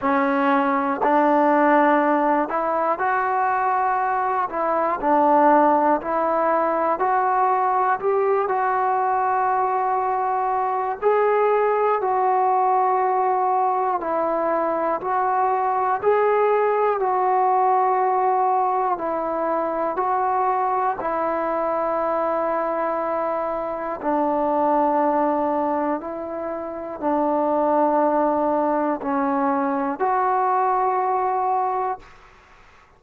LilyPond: \new Staff \with { instrumentName = "trombone" } { \time 4/4 \tempo 4 = 60 cis'4 d'4. e'8 fis'4~ | fis'8 e'8 d'4 e'4 fis'4 | g'8 fis'2~ fis'8 gis'4 | fis'2 e'4 fis'4 |
gis'4 fis'2 e'4 | fis'4 e'2. | d'2 e'4 d'4~ | d'4 cis'4 fis'2 | }